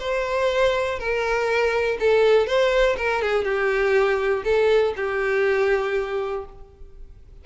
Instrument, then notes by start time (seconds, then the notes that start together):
violin
0.00 C5
0.99 A#4
2.00 A4
2.47 C5
2.98 A#4
3.22 G#4
3.45 G4
4.45 A4
4.97 G4